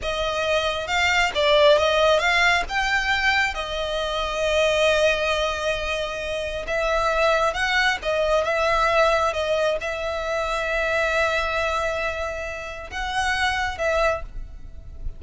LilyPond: \new Staff \with { instrumentName = "violin" } { \time 4/4 \tempo 4 = 135 dis''2 f''4 d''4 | dis''4 f''4 g''2 | dis''1~ | dis''2. e''4~ |
e''4 fis''4 dis''4 e''4~ | e''4 dis''4 e''2~ | e''1~ | e''4 fis''2 e''4 | }